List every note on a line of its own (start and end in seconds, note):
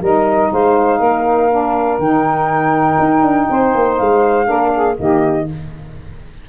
0.00 0.51 G3
0.00 1.50 D#4
0.00 0.50 A#4
0.00 0.52 D#5
0.52 0.99 G#3
0.52 0.99 C5
0.52 1.98 F5
0.99 1.98 A#3
0.99 3.47 A#4
1.50 1.99 D4
1.98 2.97 D#3
1.98 4.44 D#4
1.98 3.96 G5
2.99 3.21 D#4
3.21 3.46 D4
3.50 3.74 C4
3.50 4.46 C5
3.74 3.99 A#3
3.97 4.49 G#3
3.97 4.96 F5
4.44 4.98 A#3
4.44 4.94 D4
4.44 4.71 A#4
4.73 4.98 G#4
4.95 5.49 D#3
4.95 5.44 A#3
4.95 5.48 G4
4.95 5.48 D#5